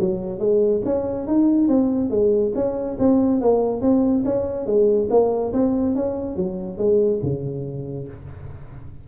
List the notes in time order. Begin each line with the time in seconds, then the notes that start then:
0.00 F#3
0.39 G#3
0.85 C#4
1.27 D#4
1.68 C4
2.10 G#3
2.55 C#4
2.99 C4
3.41 A#3
3.82 C4
4.25 C#4
4.66 G#3
5.10 A#3
5.53 C4
5.96 C#4
6.36 F#3
6.78 G#3
7.23 C#3